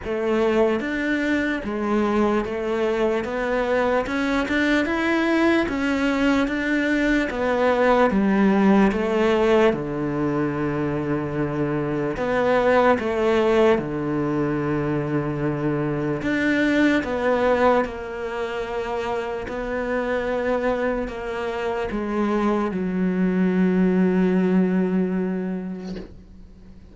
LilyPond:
\new Staff \with { instrumentName = "cello" } { \time 4/4 \tempo 4 = 74 a4 d'4 gis4 a4 | b4 cis'8 d'8 e'4 cis'4 | d'4 b4 g4 a4 | d2. b4 |
a4 d2. | d'4 b4 ais2 | b2 ais4 gis4 | fis1 | }